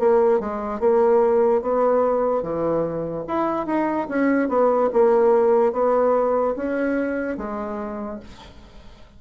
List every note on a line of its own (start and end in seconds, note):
0.00 0.40 A#3
0.40 0.80 G#3
0.80 1.62 A#3
1.62 2.43 B3
2.43 3.25 E3
3.28 3.67 E4
3.67 4.08 D#4
4.09 4.49 C#4
4.49 4.90 B3
4.93 5.73 A#3
5.73 6.55 B3
6.57 7.38 C#4
7.38 8.20 G#3